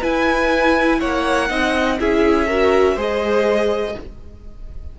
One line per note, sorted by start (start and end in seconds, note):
0.00 1.48 E4
0.00 1.01 E4
0.00 0.98 B4
0.00 1.00 G#5
0.99 1.50 A#3
0.99 1.48 C#5
0.99 1.98 F#5
1.48 1.99 C4
1.48 1.98 D#4
1.48 1.98 D#5
1.98 2.96 C#4
1.98 2.48 E4
1.98 2.47 G#4
1.98 2.98 E5
2.47 2.97 F#4
2.47 2.95 A#4
2.95 3.95 G#3
2.95 3.95 G#4
2.95 3.93 C5
2.95 3.99 D#5